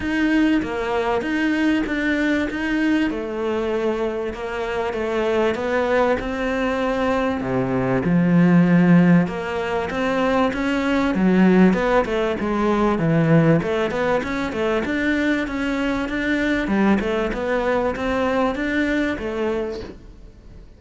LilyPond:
\new Staff \with { instrumentName = "cello" } { \time 4/4 \tempo 4 = 97 dis'4 ais4 dis'4 d'4 | dis'4 a2 ais4 | a4 b4 c'2 | c4 f2 ais4 |
c'4 cis'4 fis4 b8 a8 | gis4 e4 a8 b8 cis'8 a8 | d'4 cis'4 d'4 g8 a8 | b4 c'4 d'4 a4 | }